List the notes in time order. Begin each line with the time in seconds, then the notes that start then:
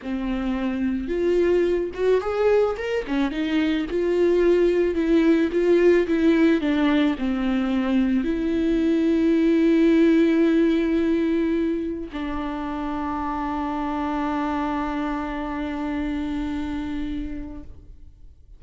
0.02 C4
1.08 F4
1.94 F#4
2.20 G#4
2.77 A#4
3.07 C#4
3.31 D#4
3.89 F4
4.94 E4
5.51 F4
6.07 E4
6.60 D4
7.18 C4
8.24 E4
12.12 D4